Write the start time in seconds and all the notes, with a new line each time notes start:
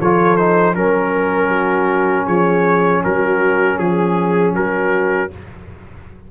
0.00 F3 F4 A4 C#5
0.36 D#4 C5
0.74 F#3 C#4 A#4
1.47 F#4
2.25 F3 G#4 C#5
3.03 F#3 F#4 A#4
3.76 F3 G#4
4.53 F#3 F#4 A#4